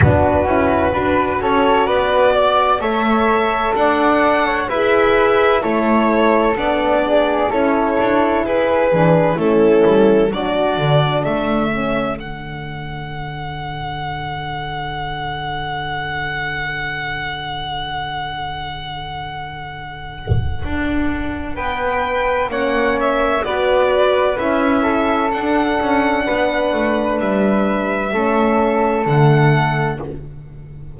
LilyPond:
<<
  \new Staff \with { instrumentName = "violin" } { \time 4/4 \tempo 4 = 64 b'4. cis''8 d''4 e''4 | fis''4 e''4 cis''4 d''4 | cis''4 b'4 a'4 d''4 | e''4 fis''2.~ |
fis''1~ | fis''2. g''4 | fis''8 e''8 d''4 e''4 fis''4~ | fis''4 e''2 fis''4 | }
  \new Staff \with { instrumentName = "flute" } { \time 4/4 fis'4 b'8 a'8 b'8 d''8 cis''4 | d''8. cis''16 b'4 a'4. gis'8 | a'4 gis'4 e'4 fis'4 | a'1~ |
a'1~ | a'2. b'4 | cis''4 b'4. a'4. | b'2 a'2 | }
  \new Staff \with { instrumentName = "horn" } { \time 4/4 d'8 e'8 fis'2 a'4~ | a'4 gis'4 e'4 d'4 | e'4. d'8 cis'4 d'4~ | d'8 cis'8 d'2.~ |
d'1~ | d'1 | cis'4 fis'4 e'4 d'4~ | d'2 cis'4 a4 | }
  \new Staff \with { instrumentName = "double bass" } { \time 4/4 b8 cis'8 d'8 cis'8 b4 a4 | d'4 e'4 a4 b4 | cis'8 d'8 e'8 e8 a8 g8 fis8 d8 | a4 d2.~ |
d1~ | d2 d'4 b4 | ais4 b4 cis'4 d'8 cis'8 | b8 a8 g4 a4 d4 | }
>>